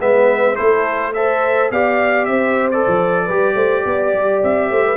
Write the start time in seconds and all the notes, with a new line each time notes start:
0.00 G#3 B3 B4 E5
0.55 A3 E4 A4 C5
1.13 A4 C5 E5
1.71 B3 G4 D5 F5
2.25 C4 C5 E5
2.71 A4 D5
2.87 F3
3.25 G3 G4 B4
3.54 A3 C5
3.85 B3 D5
4.14 G3
4.43 C4 E5
4.70 A3 C5
4.85 B4